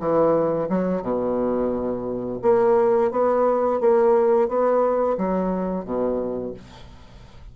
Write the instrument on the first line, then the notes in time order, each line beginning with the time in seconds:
bassoon
0.00 E3
0.70 F#3
1.02 B2
2.43 A#3
3.12 B3
3.81 A#3
4.49 B3
5.18 F#3
5.85 B2